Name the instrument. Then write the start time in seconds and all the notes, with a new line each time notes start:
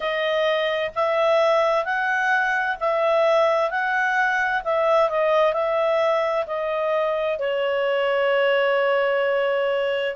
clarinet
0.00 D#5
0.95 E5
1.84 F#5
2.79 E5
3.70 F#5
4.64 E5
5.09 D#5
5.53 E5
6.46 D#5
7.38 C#5